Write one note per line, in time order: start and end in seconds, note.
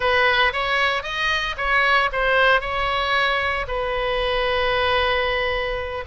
0.00 0.52 B4
0.52 1.03 C#5
1.03 1.55 D#5
1.57 2.10 C#5
2.12 2.60 C5
2.60 3.66 C#5
3.67 6.04 B4